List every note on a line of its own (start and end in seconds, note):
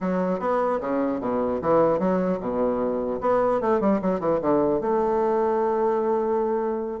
0.00 0.39 F#3
0.39 0.79 B3
0.80 1.20 C#3
1.20 1.60 B2
1.61 1.99 E3
1.99 2.39 F#3
2.39 3.19 B2
3.20 3.60 B3
3.61 3.80 A3
3.80 4.00 G3
4.01 4.19 F#3
4.19 4.39 E3
4.41 4.80 D3
4.80 7.00 A3